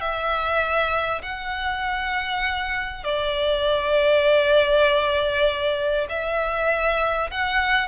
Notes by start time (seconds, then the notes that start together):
0.00 E5
1.22 F#5
3.04 D5
6.09 E5
7.31 F#5